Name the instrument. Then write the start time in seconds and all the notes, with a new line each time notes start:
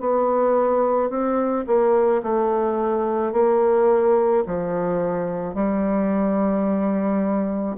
bassoon
0.00 B3
1.10 C4
1.67 A#3
2.23 A3
3.33 A#3
4.46 F3
5.55 G3